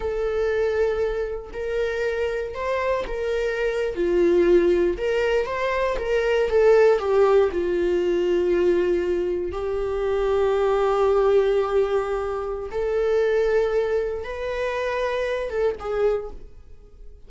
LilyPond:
\new Staff \with { instrumentName = "viola" } { \time 4/4 \tempo 4 = 118 a'2. ais'4~ | ais'4 c''4 ais'4.~ ais'16 f'16~ | f'4.~ f'16 ais'4 c''4 ais'16~ | ais'8. a'4 g'4 f'4~ f'16~ |
f'2~ f'8. g'4~ g'16~ | g'1~ | g'4 a'2. | b'2~ b'8 a'8 gis'4 | }